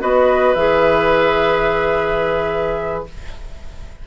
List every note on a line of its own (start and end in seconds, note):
0.00 0.56 B3
0.00 0.56 F#4
0.00 3.07 B4
0.00 0.55 D#5
0.55 3.06 E3
0.55 3.07 G#4
0.55 3.05 E5